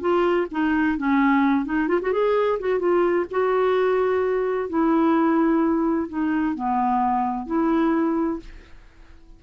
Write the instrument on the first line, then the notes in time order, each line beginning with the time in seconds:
clarinet
0.00 F4
0.51 D#4
0.97 C#4
1.65 D#4
1.88 F4
2.01 F#4
2.12 G#4
2.60 F#4
2.79 F4
3.31 F#4
4.69 E4
6.09 D#4
6.55 B3
7.46 E4